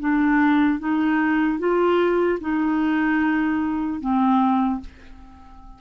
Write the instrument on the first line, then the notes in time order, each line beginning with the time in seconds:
clarinet
0.00 D4
0.80 D#4
1.59 F4
2.41 D#4
4.01 C4